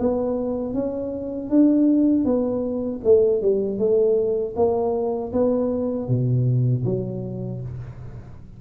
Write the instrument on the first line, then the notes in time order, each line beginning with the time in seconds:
tuba
0.00 B3
0.74 C#4
1.50 D4
2.25 B3
3.04 A3
3.42 G3
3.79 A3
4.56 A#3
5.33 B3
6.08 B2
6.85 F#3